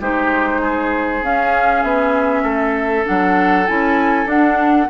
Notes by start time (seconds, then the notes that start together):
0.00 G#3 D#4 G4 C5
0.61 G#4
1.22 C#4 F5
1.83 B3 E5
2.42 A3 A4
3.04 F#3 D4 F#5
3.66 C#4 E4 G#5
4.25 D4 F#5